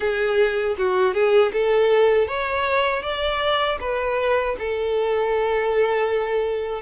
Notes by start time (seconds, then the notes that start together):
0.00 G#4
0.78 F#4
1.14 G#4
1.52 A4
2.28 C#5
3.02 D5
3.80 B4
4.58 A4